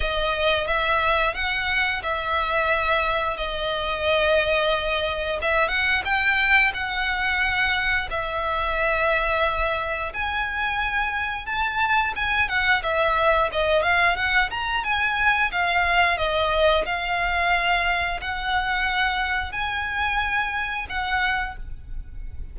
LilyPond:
\new Staff \with { instrumentName = "violin" } { \time 4/4 \tempo 4 = 89 dis''4 e''4 fis''4 e''4~ | e''4 dis''2. | e''8 fis''8 g''4 fis''2 | e''2. gis''4~ |
gis''4 a''4 gis''8 fis''8 e''4 | dis''8 f''8 fis''8 ais''8 gis''4 f''4 | dis''4 f''2 fis''4~ | fis''4 gis''2 fis''4 | }